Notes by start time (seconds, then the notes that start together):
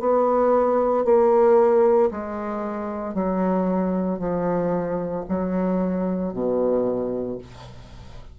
0.00 B3
1.04 A#3
2.11 G#3
3.14 F#3
4.19 F3
5.29 F#3
6.33 B2